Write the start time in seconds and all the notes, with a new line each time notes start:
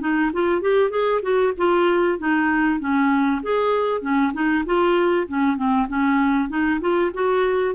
0.00 D#4
0.33 F4
0.61 G4
0.90 G#4
1.22 F#4
1.57 F4
2.18 D#4
2.79 C#4
3.42 G#4
4.01 C#4
4.33 D#4
4.65 F4
5.27 C#4
5.56 C4
5.88 C#4
6.49 D#4
6.80 F4
7.13 F#4